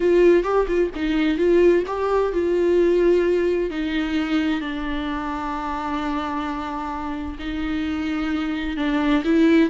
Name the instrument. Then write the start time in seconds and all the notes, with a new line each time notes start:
viola
0.00 F4
0.43 G4
0.67 F4
0.95 D#4
1.37 F4
1.86 G4
2.33 F4
3.70 D#4
4.60 D4
7.38 D#4
8.77 D4
9.24 E4